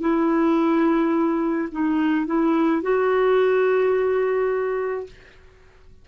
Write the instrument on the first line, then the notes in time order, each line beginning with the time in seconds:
clarinet
0.00 E4
1.71 D#4
2.26 E4
2.82 F#4